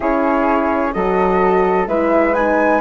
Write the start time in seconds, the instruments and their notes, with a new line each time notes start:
0.00 bassoon C#4, horn E4, flute G#4 C#5
0.93 bassoon F#3, horn F#4, flute A4 D#5
1.87 bassoon G#3, horn E4, flute B4 E5
2.34 horn D#4, flute G#5